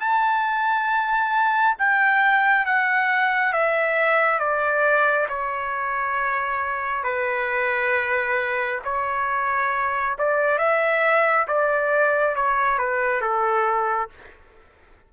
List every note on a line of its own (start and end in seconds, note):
0.00 1.76 A5
1.79 2.66 G5
2.66 3.53 F#5
3.53 4.39 E5
4.39 5.27 D5
5.29 7.04 C#5
7.04 8.80 B4
8.85 10.17 C#5
10.19 10.59 D5
10.59 11.47 E5
11.48 12.36 D5
12.36 12.79 C#5
12.79 13.22 B4
13.22 14.10 A4